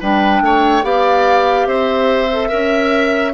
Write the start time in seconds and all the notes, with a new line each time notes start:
0.00 G3 D4 B4 G5
0.41 A3 C#5
0.83 B3 G4 D5 F5
1.66 C4 C5 E5
2.32 A4
2.49 C#4 A#4 E5